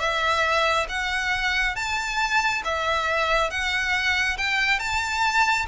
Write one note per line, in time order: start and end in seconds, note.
0.00 0.87 E5
0.89 1.76 F#5
1.76 2.63 A5
2.65 3.51 E5
3.51 4.38 F#5
4.38 4.80 G5
4.80 5.67 A5